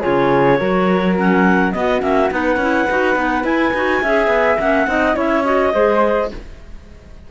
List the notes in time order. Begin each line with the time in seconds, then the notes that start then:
0.00 C#3 F4 G#4 C#5
0.59 F#3 F#4 A#4
1.16 C#4 F#5
1.72 B3 F#4 D#5
1.99 A#3 C#4 E5
2.30 B3 D#4 B4 F#5
2.56 C#4 E4
2.89 D#4 F#4
3.15 B3 D#4
3.43 E4 G#5
3.73 D#4 F#4
4.02 C#4 G#4 E5
4.27 B3
4.59 A#3 C#4 F#5
4.87 C4 D#4 D#5
5.14 C#4 E4 C#5 E5
5.44 F#4 D#5
5.74 G#3 G#4 C5